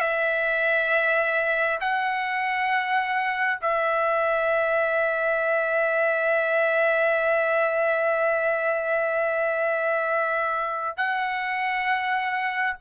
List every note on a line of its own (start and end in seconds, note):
0.00 1.79 E5
1.80 3.59 F#5
3.61 10.97 E5
10.97 12.76 F#5